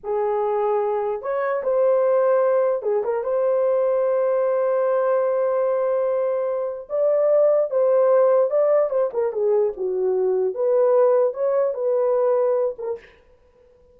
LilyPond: \new Staff \with { instrumentName = "horn" } { \time 4/4 \tempo 4 = 148 gis'2. cis''4 | c''2. gis'8 ais'8 | c''1~ | c''1~ |
c''4 d''2 c''4~ | c''4 d''4 c''8 ais'8 gis'4 | fis'2 b'2 | cis''4 b'2~ b'8 ais'8 | }